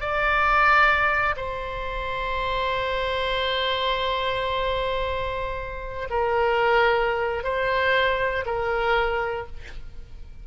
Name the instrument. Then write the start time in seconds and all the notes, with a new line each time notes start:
oboe
0.00 D5
1.36 C5
6.10 A#4
7.43 C5
8.45 A#4